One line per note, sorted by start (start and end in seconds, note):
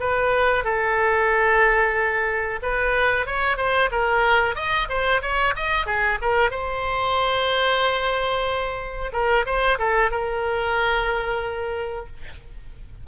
0.00 0.64 B4
0.64 2.60 A4
2.63 3.26 B4
3.26 3.57 C#5
3.57 3.90 C5
3.91 4.56 A#4
4.56 4.88 D#5
4.89 5.22 C5
5.22 5.54 C#5
5.56 5.86 D#5
5.86 6.19 G#4
6.22 6.51 A#4
6.51 9.12 C5
9.13 9.46 A#4
9.46 9.78 C5
9.79 10.11 A4
10.11 12.07 A#4